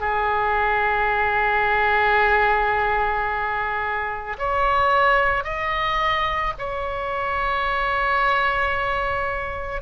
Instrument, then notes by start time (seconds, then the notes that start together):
oboe
0.00 G#4
4.38 C#5
5.44 D#5
6.58 C#5